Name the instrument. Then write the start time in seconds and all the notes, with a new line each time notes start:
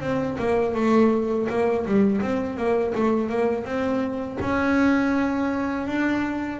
double bass
0.00 C4
0.38 A#3
0.74 A3
1.49 A#3
1.86 G3
2.21 C4
2.57 A#3
2.94 A3
3.29 A#3
3.65 C4
4.40 C#4
5.87 D4